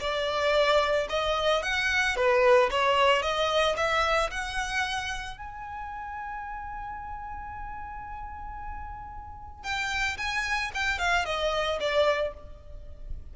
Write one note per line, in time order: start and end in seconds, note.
0.00 1.07 D5
1.09 1.62 D#5
1.62 2.16 F#5
2.16 2.70 B4
2.70 3.22 C#5
3.22 3.75 D#5
3.76 4.30 E5
4.30 5.37 F#5
5.37 9.63 G#5
9.63 10.17 G5
10.17 10.71 G#5
10.74 10.98 G5
10.98 11.25 F5
11.25 11.79 D#5
11.80 12.33 D5